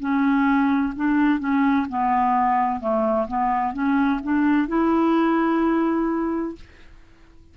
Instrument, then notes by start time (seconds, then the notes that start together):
clarinet
0.00 C#4
0.96 D4
1.40 C#4
1.90 B3
2.81 A3
3.28 B3
3.74 C#4
4.24 D4
4.68 E4